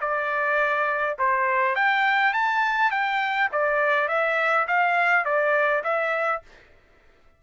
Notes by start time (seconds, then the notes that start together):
0.00 D5
1.18 C5
1.75 G5
2.33 A5
2.91 G5
3.52 D5
4.08 E5
4.67 F5
5.25 D5
5.84 E5